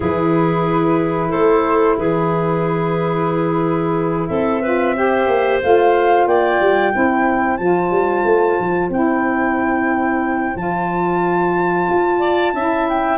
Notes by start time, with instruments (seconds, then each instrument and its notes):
0.00 tuba E3, saxophone E4, clarinet G#4, flute B4
1.29 tuba A3, clarinet A4, flute C5
1.98 tuba E3, clarinet G#4, flute B4
4.27 tuba C4, clarinet A4, flute E5
4.62 saxophone F4, clarinet B4
4.95 saxophone G4, clarinet C5
5.27 tuba A#3
5.62 tuba A3, saxophone F4, flute F5
6.26 tuba A#3, clarinet D5, flute G5
6.60 tuba G3
6.92 tuba C4, saxophone E4, clarinet C5
7.56 tuba F3, saxophone F4, flute A5
7.90 tuba G3
8.24 tuba A3
8.59 tuba F3
8.89 tuba C4, saxophone E4, flute G5
10.55 tuba F3, saxophone F4, flute A5
11.89 tuba F4
12.19 clarinet D5
12.53 tuba C#4, saxophone E4, clarinet E5
12.88 flute G5